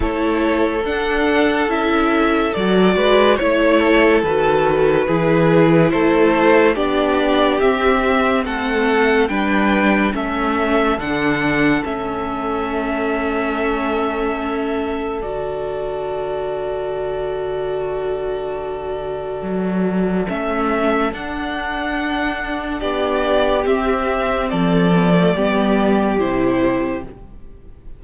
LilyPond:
<<
  \new Staff \with { instrumentName = "violin" } { \time 4/4 \tempo 4 = 71 cis''4 fis''4 e''4 d''4 | cis''4 b'2 c''4 | d''4 e''4 fis''4 g''4 | e''4 fis''4 e''2~ |
e''2 d''2~ | d''1 | e''4 fis''2 d''4 | e''4 d''2 c''4 | }
  \new Staff \with { instrumentName = "violin" } { \time 4/4 a'2.~ a'8 b'8 | cis''8 a'4. gis'4 a'4 | g'2 a'4 b'4 | a'1~ |
a'1~ | a'1~ | a'2. g'4~ | g'4 a'4 g'2 | }
  \new Staff \with { instrumentName = "viola" } { \time 4/4 e'4 d'4 e'4 fis'4 | e'4 fis'4 e'2 | d'4 c'2 d'4 | cis'4 d'4 cis'2~ |
cis'2 fis'2~ | fis'1 | cis'4 d'2. | c'4. b16 a16 b4 e'4 | }
  \new Staff \with { instrumentName = "cello" } { \time 4/4 a4 d'4 cis'4 fis8 gis8 | a4 dis4 e4 a4 | b4 c'4 a4 g4 | a4 d4 a2~ |
a2 d2~ | d2. fis4 | a4 d'2 b4 | c'4 f4 g4 c4 | }
>>